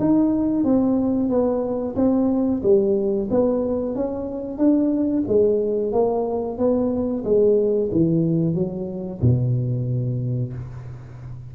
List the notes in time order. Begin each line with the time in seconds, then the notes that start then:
0.00 D#4
0.64 C4
1.29 B3
1.96 C4
2.63 G3
3.31 B3
3.96 C#4
4.58 D4
5.28 G#3
5.93 A#3
6.58 B3
7.25 G#3
7.92 E3
8.55 F#3
9.21 B2